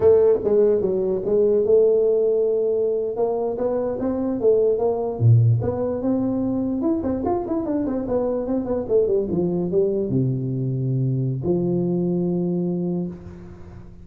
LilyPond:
\new Staff \with { instrumentName = "tuba" } { \time 4/4 \tempo 4 = 147 a4 gis4 fis4 gis4 | a2.~ a8. ais16~ | ais8. b4 c'4 a4 ais16~ | ais8. ais,4 b4 c'4~ c'16~ |
c'8. e'8 c'8 f'8 e'8 d'8 c'8 b16~ | b8. c'8 b8 a8 g8 f4 g16~ | g8. c2.~ c16 | f1 | }